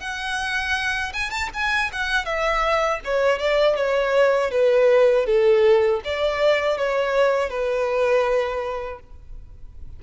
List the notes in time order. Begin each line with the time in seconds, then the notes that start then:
0.00 F#5
1.13 G#5
1.31 A5
1.53 G#5
1.93 F#5
2.25 E5
3.04 C#5
3.39 D5
3.76 C#5
4.51 B4
5.26 A4
6.04 D5
6.77 C#5
7.50 B4